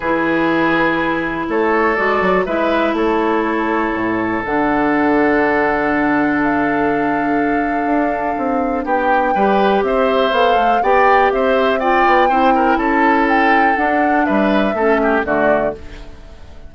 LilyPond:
<<
  \new Staff \with { instrumentName = "flute" } { \time 4/4 \tempo 4 = 122 b'2. cis''4 | d''4 e''4 cis''2~ | cis''4 fis''2.~ | fis''4 f''2.~ |
f''2 g''2 | e''4 f''4 g''4 e''4 | g''2 a''4 g''4 | fis''4 e''2 d''4 | }
  \new Staff \with { instrumentName = "oboe" } { \time 4/4 gis'2. a'4~ | a'4 b'4 a'2~ | a'1~ | a'1~ |
a'2 g'4 b'4 | c''2 d''4 c''4 | d''4 c''8 ais'8 a'2~ | a'4 b'4 a'8 g'8 fis'4 | }
  \new Staff \with { instrumentName = "clarinet" } { \time 4/4 e'1 | fis'4 e'2.~ | e'4 d'2.~ | d'1~ |
d'2. g'4~ | g'4 a'4 g'2 | f'4 e'2. | d'2 cis'4 a4 | }
  \new Staff \with { instrumentName = "bassoon" } { \time 4/4 e2. a4 | gis8 fis8 gis4 a2 | a,4 d2.~ | d1 |
d'4 c'4 b4 g4 | c'4 b8 a8 b4 c'4~ | c'8 b8 c'4 cis'2 | d'4 g4 a4 d4 | }
>>